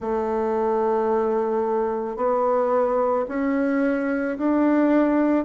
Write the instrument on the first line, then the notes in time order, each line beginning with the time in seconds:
bassoon
0.00 A3
2.16 B3
3.28 C#4
4.38 D4